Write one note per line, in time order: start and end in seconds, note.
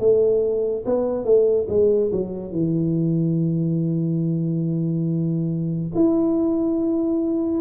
0.00 0.85 A3
0.86 1.25 B3
1.25 1.67 A3
1.69 2.11 G#3
2.12 2.52 F#3
2.52 5.90 E3
5.95 7.61 E4